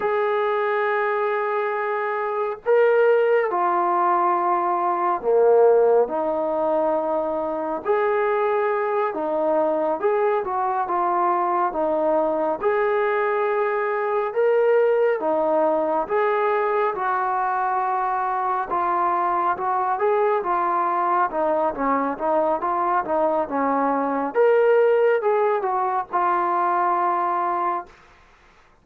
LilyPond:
\new Staff \with { instrumentName = "trombone" } { \time 4/4 \tempo 4 = 69 gis'2. ais'4 | f'2 ais4 dis'4~ | dis'4 gis'4. dis'4 gis'8 | fis'8 f'4 dis'4 gis'4.~ |
gis'8 ais'4 dis'4 gis'4 fis'8~ | fis'4. f'4 fis'8 gis'8 f'8~ | f'8 dis'8 cis'8 dis'8 f'8 dis'8 cis'4 | ais'4 gis'8 fis'8 f'2 | }